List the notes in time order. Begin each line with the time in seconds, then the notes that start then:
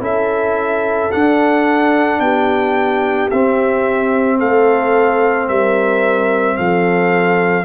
0.00 C#4 E4 A4 E5
1.12 D4 F#5
2.20 B3 G4 G5
3.30 C4 E5
4.38 A3 A4 F5
5.48 G3 A#4 E5
6.57 F3 A4 F5